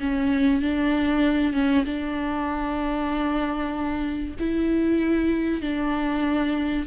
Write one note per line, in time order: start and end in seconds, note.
0.00 0.62 C#4
0.62 1.53 D4
1.53 1.84 C#4
1.85 4.35 D4
4.39 5.61 E4
5.61 6.86 D4